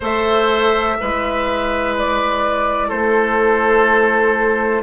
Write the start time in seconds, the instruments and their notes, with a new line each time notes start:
0.00 bassoon A3, clarinet A4, oboe C5, flute E5
0.96 bassoon G#3, clarinet E4, oboe B4
1.97 flute D5
2.88 bassoon A3, oboe A4, flute C5